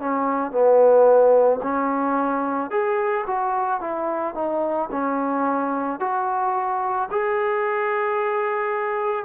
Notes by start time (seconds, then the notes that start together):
0.00 C#4
0.52 B3
1.63 C#4
2.71 G#4
3.27 F#4
3.81 E4
4.35 D#4
4.91 C#4
6.00 F#4
7.11 G#4